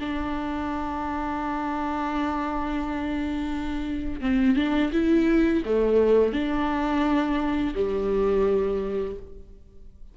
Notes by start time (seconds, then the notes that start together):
0.00 D4
4.22 C4
4.56 D4
4.93 E4
5.66 A3
6.33 D4
7.75 G3